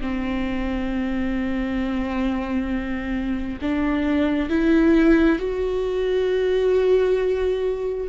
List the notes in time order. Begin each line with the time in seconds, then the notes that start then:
0.00 C4
3.61 D4
4.49 E4
5.39 F#4